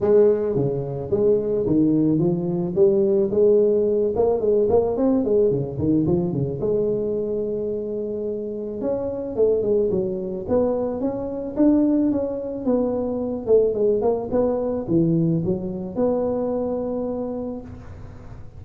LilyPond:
\new Staff \with { instrumentName = "tuba" } { \time 4/4 \tempo 4 = 109 gis4 cis4 gis4 dis4 | f4 g4 gis4. ais8 | gis8 ais8 c'8 gis8 cis8 dis8 f8 cis8 | gis1 |
cis'4 a8 gis8 fis4 b4 | cis'4 d'4 cis'4 b4~ | b8 a8 gis8 ais8 b4 e4 | fis4 b2. | }